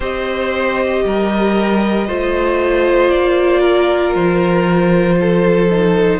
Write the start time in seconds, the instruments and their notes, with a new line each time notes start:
0.00 cello C4, viola G4, violin C5 D#5
1.05 cello G3, violin A#4
2.06 cello A3, viola F4, violin C5
3.10 cello A#3, violin D5
3.60 violin A#4
4.14 cello F3, violin C5
5.20 violin A4
5.70 viola D#4